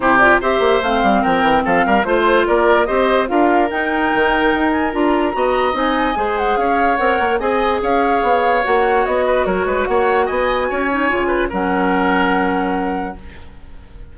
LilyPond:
<<
  \new Staff \with { instrumentName = "flute" } { \time 4/4 \tempo 4 = 146 c''8 d''8 e''4 f''4 g''4 | f''4 c''4 d''4 dis''4 | f''4 g''2~ g''8 gis''8 | ais''2 gis''4. fis''8 |
f''4 fis''4 gis''4 f''4~ | f''4 fis''4 dis''4 cis''4 | fis''4 gis''2. | fis''1 | }
  \new Staff \with { instrumentName = "oboe" } { \time 4/4 g'4 c''2 ais'4 | a'8 ais'8 c''4 ais'4 c''4 | ais'1~ | ais'4 dis''2 c''4 |
cis''2 dis''4 cis''4~ | cis''2~ cis''8 b'8 ais'8 b'8 | cis''4 dis''4 cis''4. b'8 | ais'1 | }
  \new Staff \with { instrumentName = "clarinet" } { \time 4/4 e'8 f'8 g'4 c'2~ | c'4 f'2 g'4 | f'4 dis'2. | f'4 fis'4 dis'4 gis'4~ |
gis'4 ais'4 gis'2~ | gis'4 fis'2.~ | fis'2~ fis'8 dis'8 f'4 | cis'1 | }
  \new Staff \with { instrumentName = "bassoon" } { \time 4/4 c4 c'8 ais8 a8 g8 f8 e8 | f8 g8 a4 ais4 c'4 | d'4 dis'4 dis4 dis'4 | d'4 b4 c'4 gis4 |
cis'4 c'8 ais8 c'4 cis'4 | b4 ais4 b4 fis8 gis8 | ais4 b4 cis'4 cis4 | fis1 | }
>>